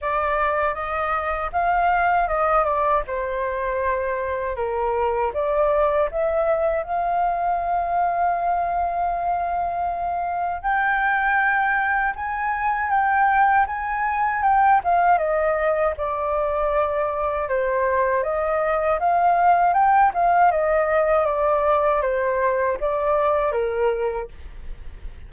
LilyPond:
\new Staff \with { instrumentName = "flute" } { \time 4/4 \tempo 4 = 79 d''4 dis''4 f''4 dis''8 d''8 | c''2 ais'4 d''4 | e''4 f''2.~ | f''2 g''2 |
gis''4 g''4 gis''4 g''8 f''8 | dis''4 d''2 c''4 | dis''4 f''4 g''8 f''8 dis''4 | d''4 c''4 d''4 ais'4 | }